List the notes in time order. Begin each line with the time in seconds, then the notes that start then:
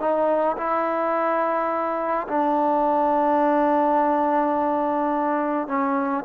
0.00 D#4
0.57 E4
2.28 D4
5.68 C#4